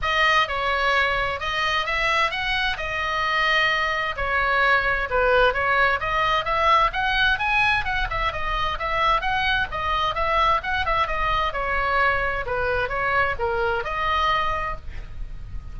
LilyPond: \new Staff \with { instrumentName = "oboe" } { \time 4/4 \tempo 4 = 130 dis''4 cis''2 dis''4 | e''4 fis''4 dis''2~ | dis''4 cis''2 b'4 | cis''4 dis''4 e''4 fis''4 |
gis''4 fis''8 e''8 dis''4 e''4 | fis''4 dis''4 e''4 fis''8 e''8 | dis''4 cis''2 b'4 | cis''4 ais'4 dis''2 | }